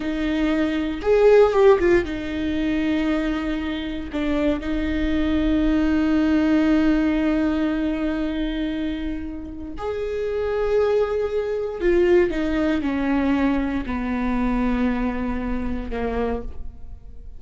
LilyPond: \new Staff \with { instrumentName = "viola" } { \time 4/4 \tempo 4 = 117 dis'2 gis'4 g'8 f'8 | dis'1 | d'4 dis'2.~ | dis'1~ |
dis'2. gis'4~ | gis'2. f'4 | dis'4 cis'2 b4~ | b2. ais4 | }